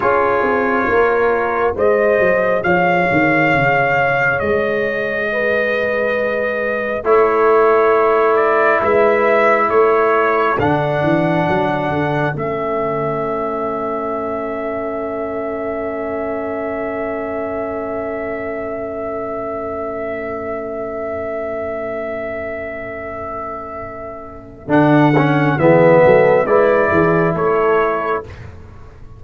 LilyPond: <<
  \new Staff \with { instrumentName = "trumpet" } { \time 4/4 \tempo 4 = 68 cis''2 dis''4 f''4~ | f''4 dis''2. | cis''4. d''8 e''4 cis''4 | fis''2 e''2~ |
e''1~ | e''1~ | e''1 | fis''4 e''4 d''4 cis''4 | }
  \new Staff \with { instrumentName = "horn" } { \time 4/4 gis'4 ais'4 c''4 cis''4~ | cis''2 b'2 | a'2 b'4 a'4~ | a'1~ |
a'1~ | a'1~ | a'1~ | a'4 gis'8 a'8 b'8 gis'8 a'4 | }
  \new Staff \with { instrumentName = "trombone" } { \time 4/4 f'2 gis'2~ | gis'1 | e'1 | d'2 cis'2~ |
cis'1~ | cis'1~ | cis'1 | d'8 cis'8 b4 e'2 | }
  \new Staff \with { instrumentName = "tuba" } { \time 4/4 cis'8 c'8 ais4 gis8 fis8 f8 dis8 | cis4 gis2. | a2 gis4 a4 | d8 e8 fis8 d8 a2~ |
a1~ | a1~ | a1 | d4 e8 fis8 gis8 e8 a4 | }
>>